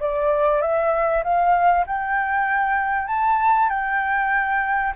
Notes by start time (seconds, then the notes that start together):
0.00 D5
0.62 E5
1.24 F5
1.87 G5
3.08 A5
3.70 G5